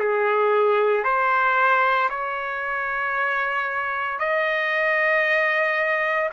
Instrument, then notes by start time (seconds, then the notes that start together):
trumpet
0.00 G#4
1.04 C5
2.10 C#5
4.20 D#5